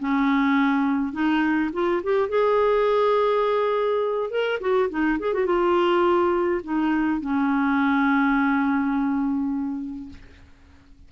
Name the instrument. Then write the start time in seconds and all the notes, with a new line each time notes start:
clarinet
0.00 C#4
1.13 D#4
1.73 F4
2.03 G4
2.29 G#4
4.31 A#4
4.60 F#4
4.90 D#4
5.19 G#4
5.34 F#4
5.46 F4
6.64 D#4
7.21 C#4